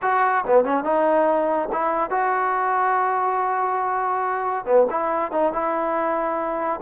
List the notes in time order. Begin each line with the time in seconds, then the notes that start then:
0.02 F#4
0.46 B3
0.64 C#4
0.83 D#4
1.72 E4
2.10 F#4
4.65 B3
4.90 E4
5.31 D#4
5.52 E4